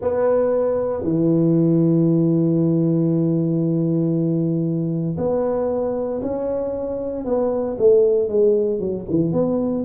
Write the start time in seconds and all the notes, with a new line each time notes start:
0.00 B3
1.03 E3
5.17 B3
6.22 C#4
7.25 B3
7.78 A3
8.28 G#3
8.79 F#3
9.09 E3
9.32 B3